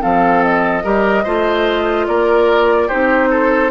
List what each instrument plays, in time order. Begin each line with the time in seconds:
0.00 bassoon F3, clarinet C4, oboe A4, flute F5
0.43 flute D#5
0.83 bassoon G3, clarinet G4, oboe A#4
1.23 bassoon A3, clarinet F4, oboe C5
2.07 bassoon A#3, oboe A#4, flute D5
2.87 bassoon C4, clarinet D#4, oboe G4, flute C5
3.30 oboe A4